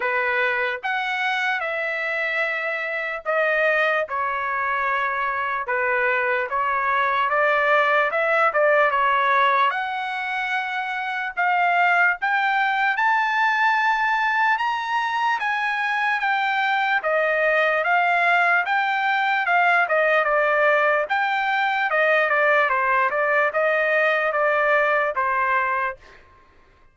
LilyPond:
\new Staff \with { instrumentName = "trumpet" } { \time 4/4 \tempo 4 = 74 b'4 fis''4 e''2 | dis''4 cis''2 b'4 | cis''4 d''4 e''8 d''8 cis''4 | fis''2 f''4 g''4 |
a''2 ais''4 gis''4 | g''4 dis''4 f''4 g''4 | f''8 dis''8 d''4 g''4 dis''8 d''8 | c''8 d''8 dis''4 d''4 c''4 | }